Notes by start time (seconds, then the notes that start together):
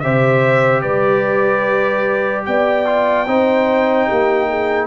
0.00 C3 G4 C5 E5
0.81 G3 B4 D5
2.45 B3 D5 G5
2.85 F4
3.27 C4 D#4 C5
4.07 A#3 G4
4.49 G#4